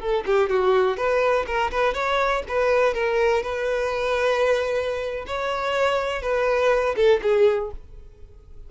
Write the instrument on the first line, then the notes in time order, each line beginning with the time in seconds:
violin
0.00 A4
0.26 G4
0.50 F#4
0.97 B4
1.46 A#4
1.71 B4
1.94 C#5
2.48 B4
2.94 A#4
3.43 B4
5.27 C#5
6.22 B4
6.96 A4
7.22 G#4